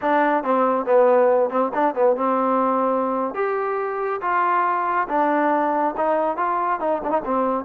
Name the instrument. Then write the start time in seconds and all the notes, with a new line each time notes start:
trombone
0.01 D4
0.43 C4
0.85 B3
1.50 C4
1.74 D4
1.94 B3
2.16 C4
3.34 G4
4.21 F4
5.08 D4
5.96 D#4
6.36 F4
6.80 D#4
7.04 D4
7.10 D#4
7.24 C4